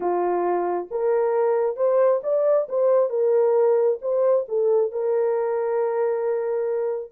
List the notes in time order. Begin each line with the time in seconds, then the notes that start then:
0.00 F4
0.91 A#4
1.76 C5
2.23 D5
2.68 C5
3.09 A#4
4.01 C5
4.48 A4
4.91 A#4